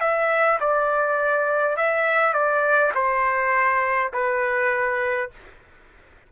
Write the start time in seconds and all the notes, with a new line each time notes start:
0.00 E5
0.60 D5
1.76 E5
2.33 D5
2.95 C5
4.13 B4